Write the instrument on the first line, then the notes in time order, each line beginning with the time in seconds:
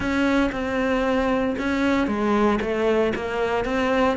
cello
0.00 C#4
0.51 C4
1.58 C#4
2.07 G#3
2.61 A3
3.15 A#3
3.65 C4